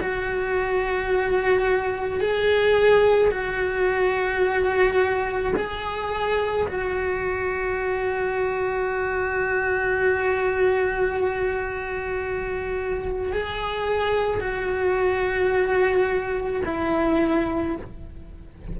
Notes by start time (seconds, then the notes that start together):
0.00 F#4
2.20 G#4
3.31 F#4
5.56 G#4
6.68 F#4
13.32 G#4
14.40 F#4
16.65 E4